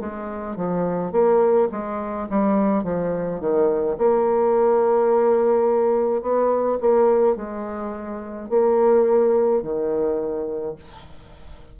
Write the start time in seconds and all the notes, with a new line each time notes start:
0.00 G#3
0.56 F3
1.12 A#3
1.71 G#3
2.30 G3
2.84 F3
3.40 D#3
3.98 A#3
6.22 B3
6.80 A#3
7.36 G#3
8.49 A#3
9.62 D#3